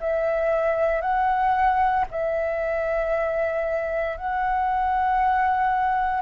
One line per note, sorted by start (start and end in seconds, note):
0.00 1.02 E5
1.02 2.05 F#5
2.11 4.18 E5
4.18 6.22 F#5